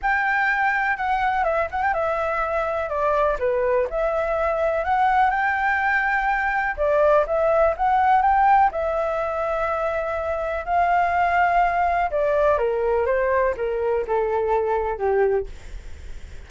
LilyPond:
\new Staff \with { instrumentName = "flute" } { \time 4/4 \tempo 4 = 124 g''2 fis''4 e''8 fis''16 g''16 | e''2 d''4 b'4 | e''2 fis''4 g''4~ | g''2 d''4 e''4 |
fis''4 g''4 e''2~ | e''2 f''2~ | f''4 d''4 ais'4 c''4 | ais'4 a'2 g'4 | }